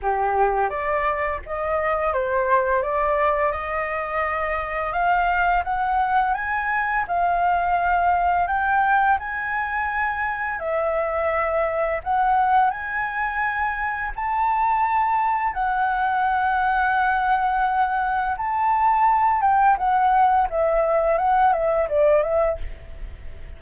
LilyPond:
\new Staff \with { instrumentName = "flute" } { \time 4/4 \tempo 4 = 85 g'4 d''4 dis''4 c''4 | d''4 dis''2 f''4 | fis''4 gis''4 f''2 | g''4 gis''2 e''4~ |
e''4 fis''4 gis''2 | a''2 fis''2~ | fis''2 a''4. g''8 | fis''4 e''4 fis''8 e''8 d''8 e''8 | }